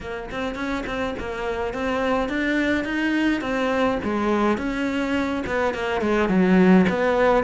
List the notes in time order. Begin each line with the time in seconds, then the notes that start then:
0.01 A#3
0.31 C4
0.55 C#4
0.86 C4
1.19 A#3
1.73 C4
2.28 D4
2.84 D#4
3.41 C4
4.03 G#3
4.57 C#4
5.46 B3
5.74 A#3
6.01 G#3
6.28 F#3
6.89 B3